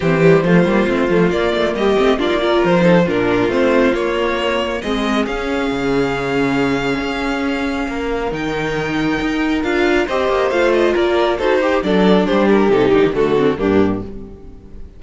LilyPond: <<
  \new Staff \with { instrumentName = "violin" } { \time 4/4 \tempo 4 = 137 c''2. d''4 | dis''4 d''4 c''4 ais'4 | c''4 cis''2 dis''4 | f''1~ |
f''2. g''4~ | g''2 f''4 dis''4 | f''8 dis''8 d''4 c''4 d''4 | c''8 ais'8 a'8 g'8 a'4 g'4 | }
  \new Staff \with { instrumentName = "violin" } { \time 4/4 g'4 f'2. | g'4 f'8 ais'4 a'8 f'4~ | f'2. gis'4~ | gis'1~ |
gis'2 ais'2~ | ais'2. c''4~ | c''4 ais'4 a'8 g'8 a'4 | g'2 fis'4 d'4 | }
  \new Staff \with { instrumentName = "viola" } { \time 4/4 c'8 g8 a8 ais8 c'8 a8 ais4~ | ais8 c'8 d'16 dis'16 f'4 dis'8 d'4 | c'4 ais2 c'4 | cis'1~ |
cis'2. dis'4~ | dis'2 f'4 g'4 | f'2 fis'8 g'8 d'4~ | d'4 dis'4 a8 c'8 ais4 | }
  \new Staff \with { instrumentName = "cello" } { \time 4/4 e4 f8 g8 a8 f8 ais8 a8 | g8 a8 ais4 f4 ais,4 | a4 ais2 gis4 | cis'4 cis2. |
cis'2 ais4 dis4~ | dis4 dis'4 d'4 c'8 ais8 | a4 ais4 dis'4 fis4 | g4 c8 d16 dis16 d4 g,4 | }
>>